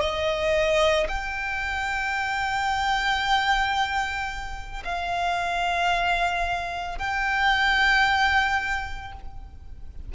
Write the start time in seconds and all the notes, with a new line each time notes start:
0.00 D#5
1.08 G5
4.84 F5
6.98 G5